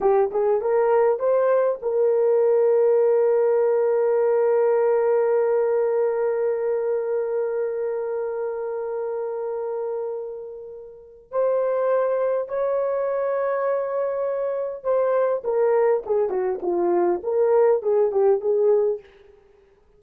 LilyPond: \new Staff \with { instrumentName = "horn" } { \time 4/4 \tempo 4 = 101 g'8 gis'8 ais'4 c''4 ais'4~ | ais'1~ | ais'1~ | ais'1~ |
ais'2. c''4~ | c''4 cis''2.~ | cis''4 c''4 ais'4 gis'8 fis'8 | f'4 ais'4 gis'8 g'8 gis'4 | }